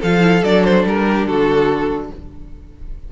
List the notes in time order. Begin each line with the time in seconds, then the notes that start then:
0.00 F3 F4 A4 F5
0.20 E4
0.42 F#3 D4 D5
0.64 C5
0.84 G3 A#4
1.08 G4
1.26 D3 F#4 A4